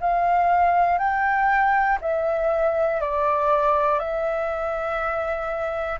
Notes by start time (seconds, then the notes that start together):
0.00 F5
0.98 G5
2.01 E5
3.00 D5
3.99 E5